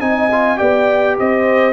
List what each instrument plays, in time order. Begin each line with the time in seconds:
0.00 tuba C4, trombone D#4, horn D#5, trumpet G#5
0.31 trombone F4
0.57 tuba B3, trombone G4, horn D5, trumpet G5
1.19 tuba C4, horn C5, trumpet D#5